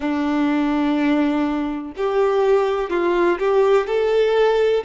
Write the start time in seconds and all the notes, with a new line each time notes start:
0.00 D4
1.96 G4
2.89 F4
3.38 G4
3.87 A4